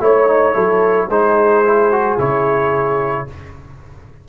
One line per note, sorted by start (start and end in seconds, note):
0.00 0.55 A3
0.00 0.27 E4
0.00 0.55 C#5
0.00 1.11 C#5
0.27 0.53 D#4
0.53 1.09 F#3
0.53 1.08 E4
0.53 1.09 A4
1.09 2.18 G#3
1.09 1.65 D#4
1.09 3.27 G#4
1.09 2.20 C5
1.65 1.92 E4
1.92 2.18 F#4
2.18 3.28 C#3
2.18 3.27 E4
2.18 3.29 C#5